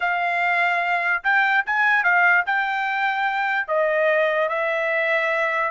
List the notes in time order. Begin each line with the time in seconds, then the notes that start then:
0.00 F5
1.23 G5
1.66 G#5
2.03 F5
2.46 G5
3.67 D#5
4.48 E5